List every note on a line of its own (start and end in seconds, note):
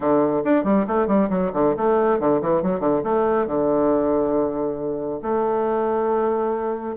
0.00 0.43 D3
0.43 0.64 D4
0.64 0.86 G3
0.87 1.07 A3
1.07 1.29 G3
1.29 1.51 F#3
1.53 1.75 D3
1.76 2.19 A3
2.19 2.41 D3
2.41 2.62 E3
2.62 2.80 F#3
2.80 3.01 D3
3.03 3.46 A3
3.46 5.20 D3
5.22 6.96 A3